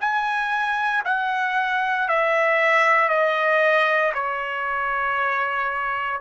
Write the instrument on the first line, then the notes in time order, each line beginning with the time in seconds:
trumpet
0.00 G#5
1.04 F#5
2.08 E5
3.08 D#5
4.13 C#5